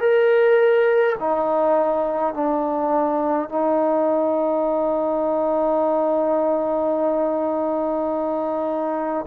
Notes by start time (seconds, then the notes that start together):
0.00 A#4
1.19 D#4
2.33 D4
3.49 D#4